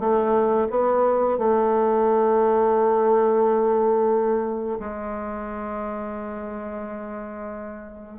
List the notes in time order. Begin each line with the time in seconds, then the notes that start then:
0.00 A3
0.70 B3
1.39 A3
4.80 G#3